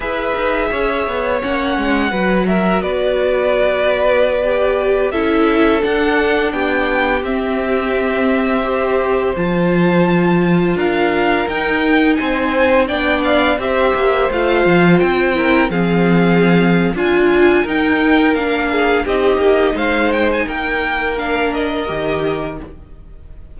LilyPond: <<
  \new Staff \with { instrumentName = "violin" } { \time 4/4 \tempo 4 = 85 e''2 fis''4. e''8 | d''2.~ d''16 e''8.~ | e''16 fis''4 g''4 e''4.~ e''16~ | e''4~ e''16 a''2 f''8.~ |
f''16 g''4 gis''4 g''8 f''8 e''8.~ | e''16 f''4 g''4 f''4.~ f''16 | gis''4 g''4 f''4 dis''4 | f''8 g''16 gis''16 g''4 f''8 dis''4. | }
  \new Staff \with { instrumentName = "violin" } { \time 4/4 b'4 cis''2 b'8 ais'8 | b'2.~ b'16 a'8.~ | a'4~ a'16 g'2~ g'8.~ | g'16 c''2. ais'8.~ |
ais'4~ ais'16 c''4 d''4 c''8.~ | c''4.~ c''16 ais'8 gis'4.~ gis'16 | f'4 ais'4. gis'8 g'4 | c''4 ais'2. | }
  \new Staff \with { instrumentName = "viola" } { \time 4/4 gis'2 cis'4 fis'4~ | fis'2~ fis'16 g'4 e'8.~ | e'16 d'2 c'4.~ c'16~ | c'16 g'4 f'2~ f'8.~ |
f'16 dis'2 d'4 g'8.~ | g'16 f'4. e'8 c'4.~ c'16 | f'4 dis'4 d'4 dis'4~ | dis'2 d'4 g'4 | }
  \new Staff \with { instrumentName = "cello" } { \time 4/4 e'8 dis'8 cis'8 b8 ais8 gis8 fis4 | b2.~ b16 cis'8.~ | cis'16 d'4 b4 c'4.~ c'16~ | c'4~ c'16 f2 d'8.~ |
d'16 dis'4 c'4 b4 c'8 ais16~ | ais16 a8 f8 c'4 f4.~ f16 | d'4 dis'4 ais4 c'8 ais8 | gis4 ais2 dis4 | }
>>